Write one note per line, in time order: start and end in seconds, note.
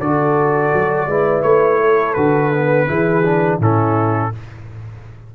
0.00 0.73 D3
0.00 1.10 F#4
0.00 1.08 A4
0.00 1.43 D5
0.74 1.07 F#3
1.07 1.43 G#3
1.07 2.17 E4
1.07 1.81 B4
1.43 2.16 A3
1.43 2.14 C#5
1.81 2.89 A4
2.14 2.89 D3
2.14 2.53 F#4
2.14 3.59 B4
2.53 2.87 B3
2.87 3.60 E3
2.87 3.23 E4
2.87 3.60 G#4
3.25 3.61 D4
3.60 4.32 A2
3.60 4.33 C#4
3.60 4.32 E4
3.60 4.35 A4